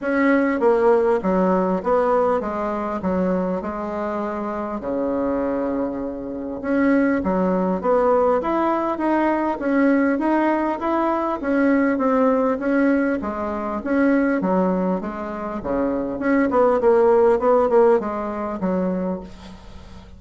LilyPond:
\new Staff \with { instrumentName = "bassoon" } { \time 4/4 \tempo 4 = 100 cis'4 ais4 fis4 b4 | gis4 fis4 gis2 | cis2. cis'4 | fis4 b4 e'4 dis'4 |
cis'4 dis'4 e'4 cis'4 | c'4 cis'4 gis4 cis'4 | fis4 gis4 cis4 cis'8 b8 | ais4 b8 ais8 gis4 fis4 | }